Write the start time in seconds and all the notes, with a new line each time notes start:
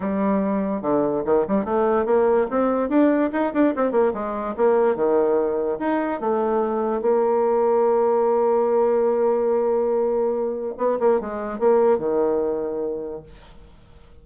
0.00 G3
0.81 D3
1.25 D#3
1.47 G3
1.65 A3
2.05 A#3
2.50 C4
2.89 D4
3.32 D#4
3.53 D4
3.76 C4
3.91 A#3
4.13 G#3
4.56 A#3
4.95 D#3
5.79 D#4
6.20 A3
7.01 A#3
10.77 B3
10.99 A#3
11.20 G#3
11.59 A#3
11.98 D#3